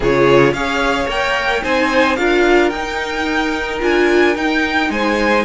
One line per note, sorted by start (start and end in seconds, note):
0.00 0.51 C#3
0.00 0.55 F4
0.00 0.53 G#4
0.00 0.53 C#5
0.51 1.06 C#4
0.51 1.07 G#4
0.51 1.63 C#5
0.51 1.07 F5
1.07 1.62 A#3
1.07 1.62 A#4
1.07 1.64 G5
1.62 2.17 C4
1.62 2.16 D#4
1.62 2.17 C5
1.62 2.16 G#5
2.16 2.71 D4
2.16 2.71 F4
2.16 4.91 A#4
2.16 2.69 F5
2.69 3.80 D#4
2.69 3.79 D#4
2.69 3.78 G5
3.79 4.36 D4
3.79 4.34 F4
3.79 4.36 G#5
4.36 4.89 D#4
4.36 5.44 D#4
4.36 4.91 G5
4.89 5.44 G#3
4.89 5.44 C5
4.89 5.44 G#5